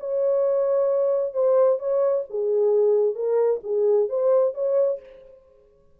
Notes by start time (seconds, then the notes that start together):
0.00 C#5
1.34 C5
1.79 C#5
2.30 G#4
3.15 A#4
3.64 G#4
4.09 C5
4.55 C#5